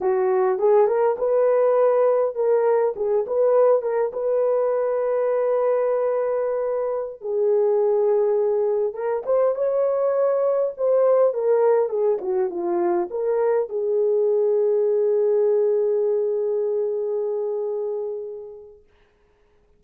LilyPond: \new Staff \with { instrumentName = "horn" } { \time 4/4 \tempo 4 = 102 fis'4 gis'8 ais'8 b'2 | ais'4 gis'8 b'4 ais'8 b'4~ | b'1~ | b'16 gis'2. ais'8 c''16~ |
c''16 cis''2 c''4 ais'8.~ | ais'16 gis'8 fis'8 f'4 ais'4 gis'8.~ | gis'1~ | gis'1 | }